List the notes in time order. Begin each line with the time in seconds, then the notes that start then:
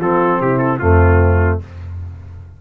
0.00 F3 C4 F4 A4
0.41 C3 E4 G4
0.59 A4
0.79 F2 A3 C4 F4